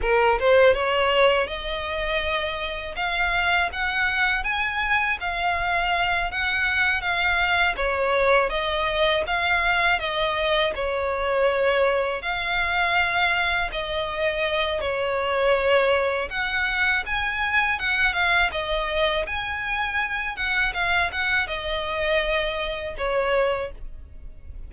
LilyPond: \new Staff \with { instrumentName = "violin" } { \time 4/4 \tempo 4 = 81 ais'8 c''8 cis''4 dis''2 | f''4 fis''4 gis''4 f''4~ | f''8 fis''4 f''4 cis''4 dis''8~ | dis''8 f''4 dis''4 cis''4.~ |
cis''8 f''2 dis''4. | cis''2 fis''4 gis''4 | fis''8 f''8 dis''4 gis''4. fis''8 | f''8 fis''8 dis''2 cis''4 | }